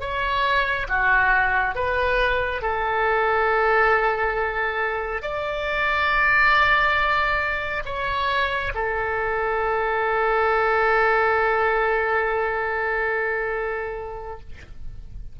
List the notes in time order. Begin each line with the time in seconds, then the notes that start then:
0.00 C#5
0.89 F#4
1.75 B4
2.62 A4
5.22 D5
7.85 C#5
8.74 A4